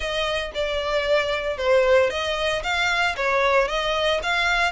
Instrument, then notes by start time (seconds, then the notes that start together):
violin
0.00 D#5
0.54 D5
1.57 C5
2.09 D#5
2.63 F5
3.16 C#5
3.67 D#5
4.22 F5